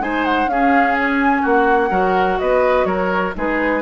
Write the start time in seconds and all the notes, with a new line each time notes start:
0.00 G#3 D#4 C5 G#5
0.24 F#5
0.46 C#4 G#4 F5
0.99 G#5
1.41 A#3 F#4 F#5
1.90 F#3 F#4 A#4
2.39 B3 B4 D#5
2.85 F#3 A#4 C#5
3.35 G#3 D#4 G#4 B4